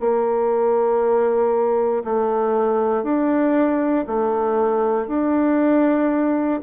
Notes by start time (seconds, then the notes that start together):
0.00 A#3
2.04 A3
3.03 D4
4.07 A3
5.08 D4